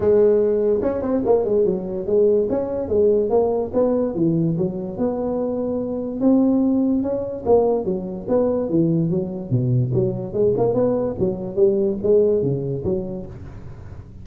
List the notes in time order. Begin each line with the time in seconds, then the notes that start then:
0.00 G#3
0.81 C#4
1.02 C4
1.25 A#3
1.45 G#3
1.65 F#3
2.06 G#3
2.49 C#4
2.88 G#3
3.29 A#3
3.73 B3
4.15 E3
4.57 F#3
4.97 B3
6.20 C4
7.02 C#4
7.45 A#3
7.85 F#3
8.28 B3
8.69 E3
9.10 F#3
9.50 B2
9.93 F#3
10.33 G#3
10.57 A#3
10.74 B3
11.19 F#3
11.55 G3
12.03 G#3
12.42 C#3
12.84 F#3